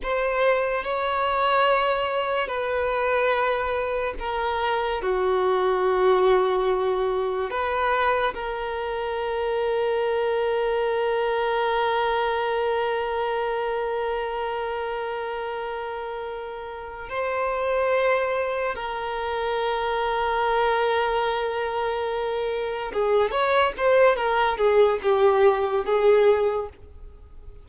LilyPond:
\new Staff \with { instrumentName = "violin" } { \time 4/4 \tempo 4 = 72 c''4 cis''2 b'4~ | b'4 ais'4 fis'2~ | fis'4 b'4 ais'2~ | ais'1~ |
ais'1~ | ais'8 c''2 ais'4.~ | ais'2.~ ais'8 gis'8 | cis''8 c''8 ais'8 gis'8 g'4 gis'4 | }